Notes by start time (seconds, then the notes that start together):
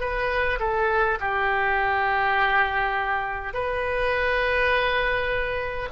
0.00 B4
0.59 A4
1.20 G4
3.53 B4